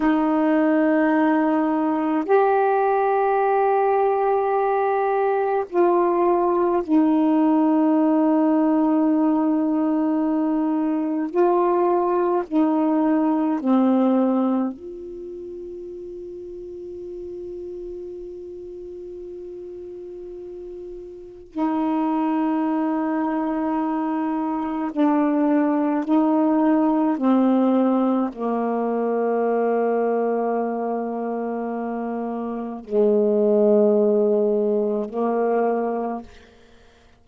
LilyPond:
\new Staff \with { instrumentName = "saxophone" } { \time 4/4 \tempo 4 = 53 dis'2 g'2~ | g'4 f'4 dis'2~ | dis'2 f'4 dis'4 | c'4 f'2.~ |
f'2. dis'4~ | dis'2 d'4 dis'4 | c'4 ais2.~ | ais4 gis2 ais4 | }